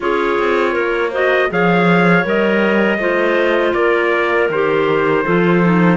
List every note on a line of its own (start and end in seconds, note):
0.00 0.38 C#4
0.00 1.11 F4
0.00 0.72 G#4
0.00 1.13 C#5
0.38 0.75 C4
0.72 1.50 A#3
0.72 1.09 A#4
1.10 1.49 F#4
1.10 1.48 C5
1.10 1.51 D#5
1.49 2.24 F3
1.49 2.23 G#4
1.49 2.99 C#5
1.49 2.27 F5
2.23 2.98 G3
2.23 2.98 A#4
2.23 3.73 D#5
2.98 3.73 A3
2.98 4.49 F4
2.98 3.74 C5
3.73 4.49 A#3
3.73 5.24 A#4
3.73 4.48 D5
4.49 5.24 D#3
4.49 5.25 G4
4.49 5.97 C5
5.24 5.97 F3
5.24 5.62 F4
5.24 5.97 A4
5.63 5.97 D#4